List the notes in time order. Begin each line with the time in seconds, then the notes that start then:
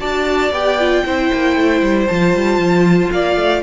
0.00 D4 F#4 D5 A5
0.51 B3 G4 G5
0.79 F4
1.05 C4 E4 C5
1.33 A#3
1.56 A3
1.81 G3
2.07 F3 F4 A5
2.34 G3
2.58 F3
3.11 A#3 D5 F5
3.36 A3